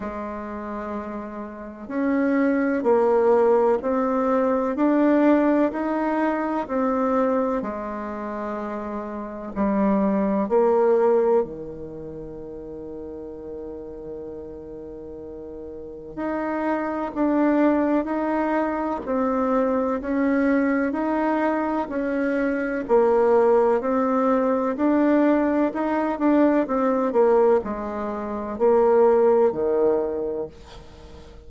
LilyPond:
\new Staff \with { instrumentName = "bassoon" } { \time 4/4 \tempo 4 = 63 gis2 cis'4 ais4 | c'4 d'4 dis'4 c'4 | gis2 g4 ais4 | dis1~ |
dis4 dis'4 d'4 dis'4 | c'4 cis'4 dis'4 cis'4 | ais4 c'4 d'4 dis'8 d'8 | c'8 ais8 gis4 ais4 dis4 | }